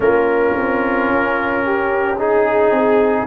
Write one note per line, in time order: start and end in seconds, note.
0.00 0.54 A#3
0.00 2.15 C#4
0.00 1.64 F4
0.00 2.18 A#4
0.57 1.09 C4
1.09 2.70 C#4
1.64 2.18 G4
2.18 3.27 D#4
2.18 3.27 G#4
2.70 3.25 C4